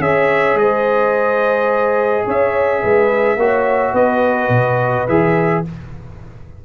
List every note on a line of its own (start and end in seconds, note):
0.00 0.55 C#4
0.00 3.39 G#4
0.00 0.61 C#5
0.00 0.58 E5
0.55 2.24 G#3
0.55 2.26 C5
0.55 2.27 D#5
2.26 2.84 C#4
2.26 2.82 C#5
2.26 3.96 E5
2.82 3.37 G#3
2.82 3.38 B4
3.37 3.93 A#3
3.37 5.09 F#4
3.37 3.93 C#5
3.93 4.49 B3
3.93 5.62 B4
3.93 5.08 D#5
4.49 5.05 B2
5.09 5.65 E3
5.09 5.65 G#4
5.09 5.65 E5